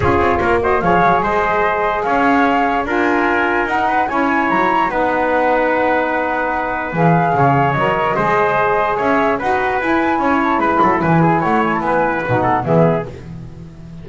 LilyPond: <<
  \new Staff \with { instrumentName = "flute" } { \time 4/4 \tempo 4 = 147 cis''4. dis''8 f''4 dis''4~ | dis''4 f''2 gis''4~ | gis''4 fis''4 gis''4 ais''4 | fis''1~ |
fis''4 f''2 dis''4~ | dis''2 e''4 fis''4 | gis''4. a''8 b''4 gis''4 | fis''8 gis''16 a''16 gis''4 fis''4 e''4 | }
  \new Staff \with { instrumentName = "trumpet" } { \time 4/4 gis'4 ais'8 c''8 cis''4 c''4~ | c''4 cis''2 ais'4~ | ais'4. b'8 cis''2 | b'1~ |
b'2 cis''2 | c''2 cis''4 b'4~ | b'4 cis''4 b'8 a'8 b'8 gis'8 | cis''4 b'4. a'8 gis'4 | }
  \new Staff \with { instrumentName = "saxophone" } { \time 4/4 f'4. fis'8 gis'2~ | gis'2. f'4~ | f'4 dis'4 e'2 | dis'1~ |
dis'4 gis'2 ais'4 | gis'2. fis'4 | e'1~ | e'2 dis'4 b4 | }
  \new Staff \with { instrumentName = "double bass" } { \time 4/4 cis'8 c'8 ais4 f8 fis8 gis4~ | gis4 cis'2 d'4~ | d'4 dis'4 cis'4 fis4 | b1~ |
b4 e4 cis4 fis4 | gis2 cis'4 dis'4 | e'4 cis'4 gis8 fis8 e4 | a4 b4 b,4 e4 | }
>>